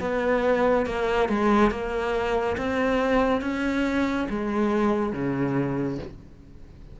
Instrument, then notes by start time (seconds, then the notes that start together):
cello
0.00 B3
0.86 A#3
1.29 G#3
1.71 A#3
2.57 C4
3.41 C#4
4.29 G#3
5.13 C#3